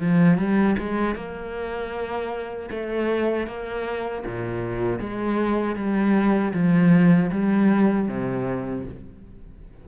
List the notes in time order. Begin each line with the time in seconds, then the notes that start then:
0.00 F3
0.37 G3
0.78 G#3
1.15 A#3
2.70 A3
3.47 A#3
4.26 A#2
4.99 G#3
5.75 G3
6.53 F3
7.31 G3
8.08 C3